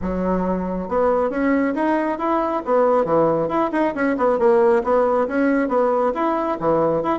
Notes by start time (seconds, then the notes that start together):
0.01 F#3
0.88 B3
1.30 C#4
1.74 D#4
2.18 E4
2.65 B3
3.04 E3
3.48 E4
3.71 D#4
3.94 C#4
4.17 B3
4.39 A#3
4.83 B3
5.27 C#4
5.68 B3
6.14 E4
6.59 E3
7.02 E4